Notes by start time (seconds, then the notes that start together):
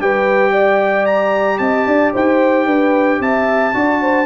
0.00 G3 G4 B4 G5
0.52 D5
1.06 A#5
1.59 C4 D#5 A5
1.86 D4 D5
2.14 D#4 C5 G5
2.66 D4 B4
3.20 C4 E5 A5
3.74 D4 F#4 D5
4.02 C5